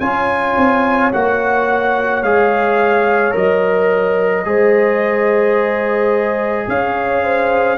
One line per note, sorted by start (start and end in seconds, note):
0.00 0.56 C#4
0.00 1.12 F4
0.00 4.46 C#5
0.00 1.11 G#5
0.57 1.12 C4
1.12 2.23 A#3
1.12 2.24 F#4
1.12 2.23 F#5
2.23 3.34 G#3
2.23 3.31 G#4
2.23 3.34 F5
3.31 4.45 F#3
3.31 4.43 A#4
3.31 6.69 D#5
4.45 6.67 G#3
4.45 7.78 G#4
4.45 6.69 C5
6.68 7.78 C#4
6.68 7.23 C#5
6.68 7.78 F5
7.23 7.78 C5